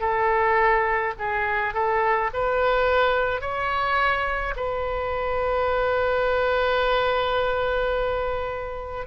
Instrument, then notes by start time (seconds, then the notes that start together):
oboe
0.00 A4
1.18 G#4
1.73 A4
2.33 B4
3.41 C#5
4.56 B4